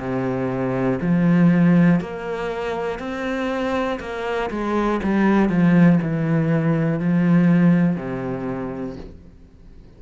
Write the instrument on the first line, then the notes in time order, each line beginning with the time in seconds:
cello
0.00 C3
1.01 F3
2.01 A#3
3.00 C4
4.00 A#3
4.51 G#3
5.04 G3
5.50 F3
6.03 E3
7.00 F3
7.97 C3